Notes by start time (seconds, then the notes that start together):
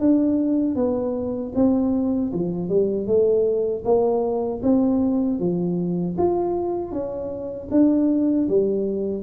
0.00 D4
0.76 B3
1.55 C4
2.33 F3
2.69 G3
3.07 A3
3.85 A#3
4.63 C4
5.40 F3
6.18 F4
6.92 C#4
7.71 D4
8.49 G3